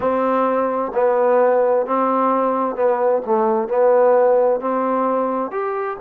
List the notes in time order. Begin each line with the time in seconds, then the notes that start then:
0.00 C4
0.94 B3
1.86 C4
2.75 B3
3.25 A3
3.68 B3
4.60 C4
5.51 G4